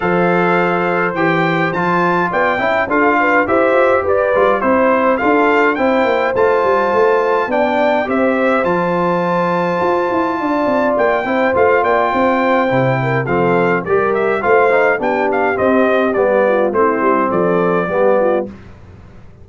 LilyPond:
<<
  \new Staff \with { instrumentName = "trumpet" } { \time 4/4 \tempo 4 = 104 f''2 g''4 a''4 | g''4 f''4 e''4 d''4 | c''4 f''4 g''4 a''4~ | a''4 g''4 e''4 a''4~ |
a''2. g''4 | f''8 g''2~ g''8 f''4 | d''8 e''8 f''4 g''8 f''8 dis''4 | d''4 c''4 d''2 | }
  \new Staff \with { instrumentName = "horn" } { \time 4/4 c''1 | d''8 e''8 a'8 b'8 c''4 b'4 | c''4 a'4 c''2~ | c''4 d''4 c''2~ |
c''2 d''4. c''8~ | c''8 d''8 c''4. ais'8 a'4 | ais'4 c''4 g'2~ | g'8 f'8 e'4 a'4 g'8 f'8 | }
  \new Staff \with { instrumentName = "trombone" } { \time 4/4 a'2 g'4 f'4~ | f'8 e'8 f'4 g'4. f'8 | e'4 f'4 e'4 f'4~ | f'4 d'4 g'4 f'4~ |
f'2.~ f'8 e'8 | f'2 e'4 c'4 | g'4 f'8 dis'8 d'4 c'4 | b4 c'2 b4 | }
  \new Staff \with { instrumentName = "tuba" } { \time 4/4 f2 e4 f4 | b8 cis'8 d'4 e'8 f'8 g'8 g8 | c'4 d'4 c'8 ais8 a8 g8 | a4 b4 c'4 f4~ |
f4 f'8 e'8 d'8 c'8 ais8 c'8 | a8 ais8 c'4 c4 f4 | g4 a4 b4 c'4 | g4 a8 g8 f4 g4 | }
>>